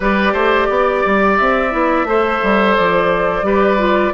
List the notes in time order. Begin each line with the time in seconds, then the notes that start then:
0.00 G3 G4 B4 D5
0.32 A3 C5
0.69 B3 D5
1.05 G3
1.37 C4 E5
1.71 B3 E4
2.04 A3 A4 C5
2.43 G3
2.75 F3 D5
3.42 G3 G4 B4
3.77 F4